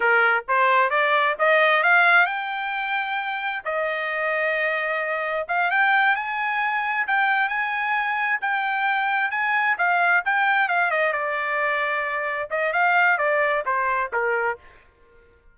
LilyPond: \new Staff \with { instrumentName = "trumpet" } { \time 4/4 \tempo 4 = 132 ais'4 c''4 d''4 dis''4 | f''4 g''2. | dis''1 | f''8 g''4 gis''2 g''8~ |
g''8 gis''2 g''4.~ | g''8 gis''4 f''4 g''4 f''8 | dis''8 d''2. dis''8 | f''4 d''4 c''4 ais'4 | }